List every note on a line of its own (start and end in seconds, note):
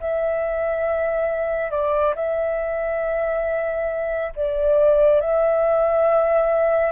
0.00 1.71 E5
1.71 2.14 D5
2.15 4.33 E5
4.36 5.21 D5
5.21 6.92 E5